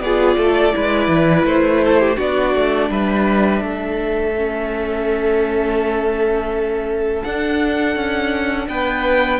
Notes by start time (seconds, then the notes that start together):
0.00 B3 F4 G#4 D5
0.37 A3 A4
0.72 G#3 E4 B4
1.08 E3
1.44 A3 C5
1.84 A4
1.99 G4
2.16 B3 D4 F#4 D5
2.55 A3
2.89 G3 B4 E5
3.61 A3 A4
4.36 C#4
7.23 D4 F#5
7.95 C#4
8.68 B3 B4 G5